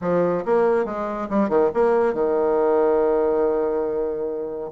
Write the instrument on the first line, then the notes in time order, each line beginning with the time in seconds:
bassoon
0.01 F3
0.45 A#3
0.85 G#3
1.29 G3
1.49 D#3
1.74 A#3
2.13 D#3